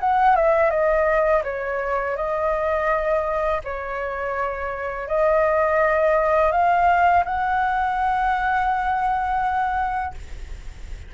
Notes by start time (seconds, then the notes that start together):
0.00 F#5
0.35 E5
0.70 D#5
1.44 C#5
2.16 D#5
3.64 C#5
5.08 D#5
6.51 F5
7.25 F#5